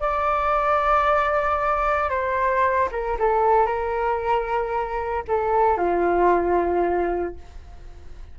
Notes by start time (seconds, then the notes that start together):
0.00 D5
2.09 C5
2.91 A#4
3.19 A4
3.66 A#4
5.27 A4
5.77 F4